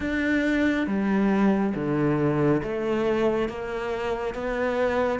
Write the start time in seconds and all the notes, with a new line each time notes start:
0.00 D4
0.87 G3
1.74 D3
2.62 A3
3.48 A#3
4.34 B3